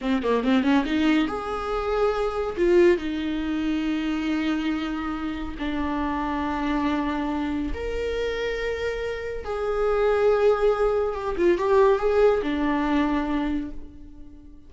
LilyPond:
\new Staff \with { instrumentName = "viola" } { \time 4/4 \tempo 4 = 140 c'8 ais8 c'8 cis'8 dis'4 gis'4~ | gis'2 f'4 dis'4~ | dis'1~ | dis'4 d'2.~ |
d'2 ais'2~ | ais'2 gis'2~ | gis'2 g'8 f'8 g'4 | gis'4 d'2. | }